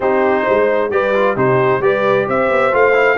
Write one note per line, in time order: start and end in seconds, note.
0.00 0.45 C4
0.00 0.91 D#4
0.00 0.43 G4
0.00 0.90 C5
0.43 0.90 G#3
0.43 0.88 C5
0.90 1.36 G3
0.90 1.14 G4
0.90 1.35 B4
0.90 1.36 D5
1.14 1.36 F4
1.35 1.79 C3
1.35 1.81 D#4
1.35 1.80 G4
1.35 1.82 C5
1.79 2.24 G3
1.79 2.72 G4
1.79 2.28 B4
1.79 2.27 D5
2.28 2.49 C4
2.28 3.17 C5
2.28 2.74 E5
2.49 2.72 B3
2.72 3.17 A3
2.72 2.93 F4
2.72 3.17 F5
2.93 3.16 E4